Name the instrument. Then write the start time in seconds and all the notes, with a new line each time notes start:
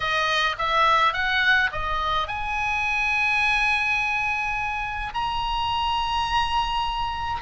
oboe
0.00 D#5
0.58 E5
1.13 F#5
1.71 D#5
2.27 G#5
5.14 A#5